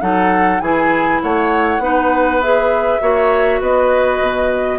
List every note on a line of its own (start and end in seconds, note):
0.00 0.60 F#3
0.00 0.60 D#4
0.00 0.62 A4
0.00 0.60 F#5
0.60 1.20 E3
0.60 1.81 E4
0.60 1.22 G#4
0.60 1.20 G#5
1.22 1.78 A3
1.22 1.82 C#5
1.22 2.41 F#5
1.78 2.98 B3
1.78 2.41 D#4
1.78 3.01 B4
2.41 3.00 G#4
2.41 3.61 E5
3.00 3.60 A#3
3.00 4.79 F#4
3.00 3.60 C#5
3.60 4.20 B3
3.60 4.79 B4
3.60 4.79 D#5
4.20 4.79 B2